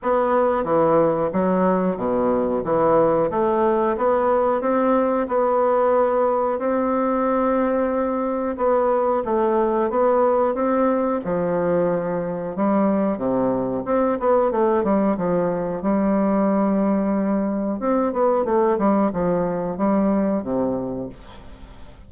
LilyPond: \new Staff \with { instrumentName = "bassoon" } { \time 4/4 \tempo 4 = 91 b4 e4 fis4 b,4 | e4 a4 b4 c'4 | b2 c'2~ | c'4 b4 a4 b4 |
c'4 f2 g4 | c4 c'8 b8 a8 g8 f4 | g2. c'8 b8 | a8 g8 f4 g4 c4 | }